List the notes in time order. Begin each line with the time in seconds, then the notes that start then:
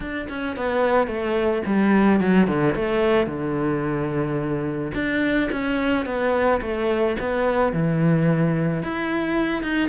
0.00 D4
0.29 C#4
0.56 B3
1.07 A3
1.66 G3
2.20 F#3
2.47 D3
2.75 A3
3.27 D3
4.94 D4
5.51 C#4
6.05 B3
6.61 A3
7.19 B3
7.72 E3
8.82 E4
9.62 D#4